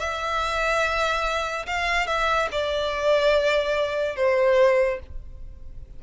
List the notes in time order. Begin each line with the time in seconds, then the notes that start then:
0.00 E5
1.67 F5
2.07 E5
2.52 D5
4.17 C5